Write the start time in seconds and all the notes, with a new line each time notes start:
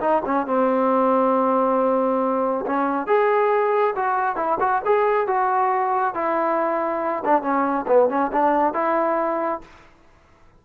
0.00 D#4
0.25 C#4
0.46 C4
2.66 C#4
3.06 G#4
3.95 F#4
4.36 E4
4.60 F#4
4.85 G#4
5.27 F#4
6.14 E4
7.24 D4
7.42 C#4
7.87 B3
8.09 C#4
8.32 D4
8.73 E4